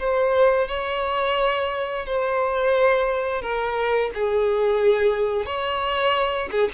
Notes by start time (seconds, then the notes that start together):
0.00 C5
0.68 C#5
2.06 C5
3.42 A#4
4.15 G#4
5.46 C#5
6.52 G#4